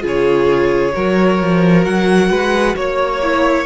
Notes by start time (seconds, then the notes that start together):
0.00 C#3 F4 G#4
0.07 C#5
0.93 F#3 F#4 A#4
1.41 F3
1.84 F#3 F#5
2.30 G#3 B4
2.76 A#3 C#5
3.22 E4